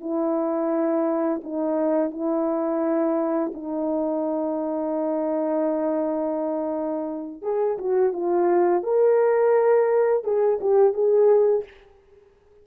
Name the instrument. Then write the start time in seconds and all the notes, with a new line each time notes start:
horn
0.00 E4
1.43 D#4
2.10 E4
3.54 D#4
7.42 G#4
7.78 F#4
8.13 F4
8.83 A#4
10.24 G#4
10.61 G4
10.93 G#4